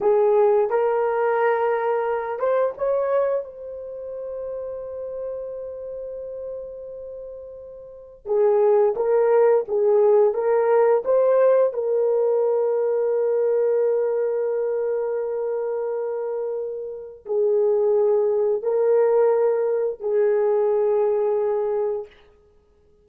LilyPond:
\new Staff \with { instrumentName = "horn" } { \time 4/4 \tempo 4 = 87 gis'4 ais'2~ ais'8 c''8 | cis''4 c''2.~ | c''1 | gis'4 ais'4 gis'4 ais'4 |
c''4 ais'2.~ | ais'1~ | ais'4 gis'2 ais'4~ | ais'4 gis'2. | }